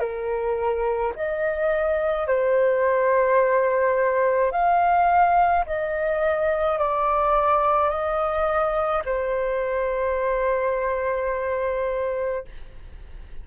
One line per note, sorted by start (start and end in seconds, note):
0.00 1.13 A#4
1.16 2.27 D#5
2.27 4.52 C5
4.52 5.65 F5
5.66 6.79 D#5
6.79 7.90 D5
7.90 9.03 D#5
9.06 12.45 C5